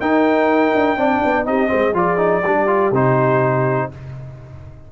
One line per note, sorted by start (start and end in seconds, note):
0.00 0.74 D#4
0.00 0.97 D#4
0.00 0.98 A#4
0.00 1.46 G5
0.74 0.97 D4
0.97 1.21 C4
0.97 1.45 D4
0.97 1.47 D5
1.25 1.46 B3
1.45 1.70 C4
1.45 1.68 D#4
1.45 1.69 G4
1.45 1.95 D#5
1.68 1.93 G#3
1.68 1.92 C4
1.68 1.93 C5
1.93 2.42 F3
1.93 2.17 F4
1.93 2.42 G#4
1.93 2.94 D5
2.17 2.41 D#4
2.42 2.91 G3
2.42 2.67 D4
2.42 3.88 G4
2.67 2.91 F4
2.91 3.89 C3
2.91 3.91 D#4
2.91 3.92 C5